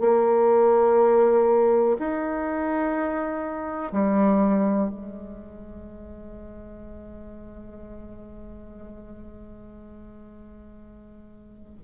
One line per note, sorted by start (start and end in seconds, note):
0.00 1.97 A#3
1.99 3.92 D#4
3.92 4.89 G3
4.89 11.78 G#3